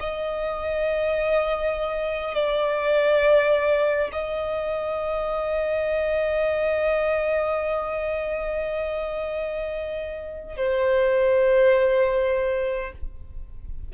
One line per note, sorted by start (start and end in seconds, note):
0.00 2.34 D#5
2.34 4.11 D5
4.12 10.57 D#5
10.57 12.92 C5